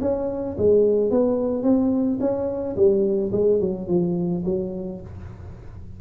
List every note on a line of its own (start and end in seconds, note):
0.00 0.56 C#4
0.58 1.10 G#3
1.10 1.63 B3
1.63 2.18 C4
2.20 2.75 C#4
2.76 3.31 G3
3.32 3.60 G#3
3.60 3.87 F#3
3.87 4.43 F3
4.45 5.00 F#3